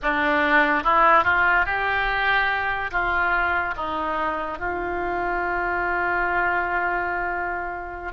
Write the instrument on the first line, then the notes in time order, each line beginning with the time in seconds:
oboe
0.02 D4
0.83 E4
1.24 F4
1.65 G4
2.91 F4
3.76 D#4
4.58 F4